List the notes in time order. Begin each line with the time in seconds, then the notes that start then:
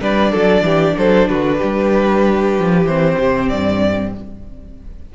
0.00 G3 D4 B4 D5
0.32 F#3 A4
0.62 E3 G4
0.98 F#3 A4 C5
1.28 D3 F#4 B4
1.58 G3 G4
2.59 F3
2.84 E3 C4 C5
3.18 C3
3.49 G2 D5